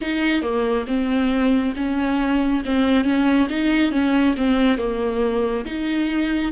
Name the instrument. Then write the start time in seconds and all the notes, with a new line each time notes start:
viola
0.01 D#4
0.42 A#3
0.87 C4
1.75 C#4
2.65 C4
3.04 C#4
3.49 D#4
3.91 C#4
4.37 C4
4.77 A#3
5.65 D#4